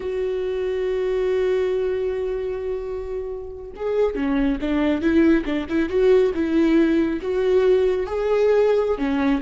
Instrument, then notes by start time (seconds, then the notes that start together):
viola
0.00 F#4
3.75 G#4
4.15 C#4
4.61 D4
5.01 E4
5.45 D4
5.69 E4
5.89 F#4
6.34 E4
7.21 F#4
8.06 G#4
8.97 C#4